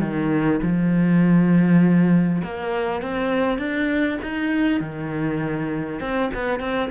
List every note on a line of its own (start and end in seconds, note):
0.00 0.60 D#3
0.62 2.42 F3
2.44 3.01 A#3
3.01 3.58 C4
3.58 4.18 D4
4.22 4.80 D#4
4.80 6.00 D#3
6.00 6.30 C4
6.34 6.59 B3
6.59 6.89 C4